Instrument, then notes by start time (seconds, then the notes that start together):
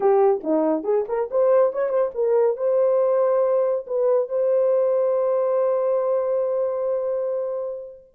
horn
0.00 G4
0.43 D#4
0.83 G#4
1.08 A#4
1.30 C5
1.73 C#5
1.89 C5
2.14 A#4
2.57 C5
3.86 B4
4.29 C5